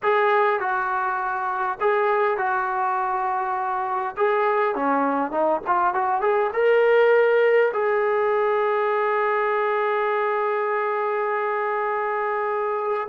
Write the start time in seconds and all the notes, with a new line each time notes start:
0.02 G#4
0.59 F#4
1.80 G#4
2.37 F#4
4.16 G#4
4.75 C#4
5.31 D#4
5.67 F4
5.94 F#4
6.21 G#4
6.53 A#4
7.73 G#4